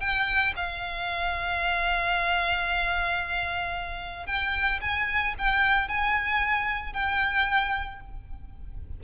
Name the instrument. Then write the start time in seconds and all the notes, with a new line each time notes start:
violin
0.00 G5
0.56 F5
4.26 G5
4.81 G#5
5.38 G5
5.88 G#5
6.93 G5